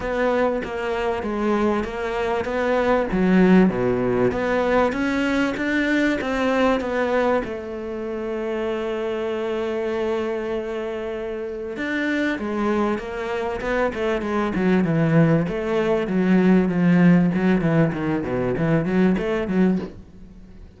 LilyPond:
\new Staff \with { instrumentName = "cello" } { \time 4/4 \tempo 4 = 97 b4 ais4 gis4 ais4 | b4 fis4 b,4 b4 | cis'4 d'4 c'4 b4 | a1~ |
a2. d'4 | gis4 ais4 b8 a8 gis8 fis8 | e4 a4 fis4 f4 | fis8 e8 dis8 b,8 e8 fis8 a8 fis8 | }